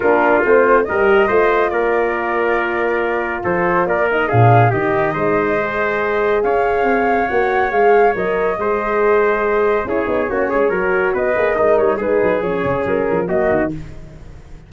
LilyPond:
<<
  \new Staff \with { instrumentName = "flute" } { \time 4/4 \tempo 4 = 140 ais'4 c''4 dis''2 | d''1 | c''4 d''8 dis''8 f''4 dis''4~ | dis''2. f''4~ |
f''4 fis''4 f''4 dis''4~ | dis''2. cis''4~ | cis''2 dis''4. cis''8 | b'4 cis''4 ais'4 dis''4 | }
  \new Staff \with { instrumentName = "trumpet" } { \time 4/4 f'2 ais'4 c''4 | ais'1 | a'4 ais'4 gis'4 g'4 | c''2. cis''4~ |
cis''1 | c''2. gis'4 | fis'8 gis'8 ais'4 b'4 dis'4 | gis'2. fis'4 | }
  \new Staff \with { instrumentName = "horn" } { \time 4/4 d'4 c'4 g'4 f'4~ | f'1~ | f'4. dis'8 d'4 dis'4~ | dis'4 gis'2.~ |
gis'4 fis'4 gis'4 ais'4 | gis'2. e'8 dis'8 | cis'4 fis'4. gis'8 ais'4 | dis'4 cis'2 ais4 | }
  \new Staff \with { instrumentName = "tuba" } { \time 4/4 ais4 a4 g4 a4 | ais1 | f4 ais4 ais,4 dis4 | gis2. cis'4 |
c'4 ais4 gis4 fis4 | gis2. cis'8 b8 | ais8 gis8 fis4 b8 ais8 gis8 g8 | gis8 fis8 f8 cis8 fis8 f8 fis8 dis8 | }
>>